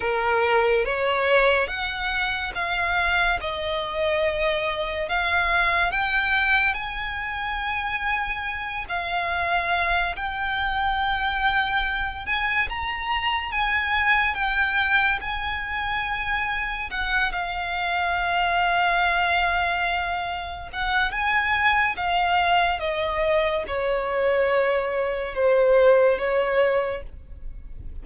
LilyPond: \new Staff \with { instrumentName = "violin" } { \time 4/4 \tempo 4 = 71 ais'4 cis''4 fis''4 f''4 | dis''2 f''4 g''4 | gis''2~ gis''8 f''4. | g''2~ g''8 gis''8 ais''4 |
gis''4 g''4 gis''2 | fis''8 f''2.~ f''8~ | f''8 fis''8 gis''4 f''4 dis''4 | cis''2 c''4 cis''4 | }